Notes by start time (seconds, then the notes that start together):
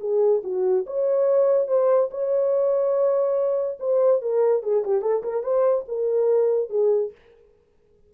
0.00 G#4
0.44 F#4
0.86 C#5
1.68 C5
2.11 C#5
3.80 C5
4.22 A#4
4.63 G#4
4.84 G4
5.02 A4
5.23 A#4
5.43 C5
5.88 A#4
6.70 G#4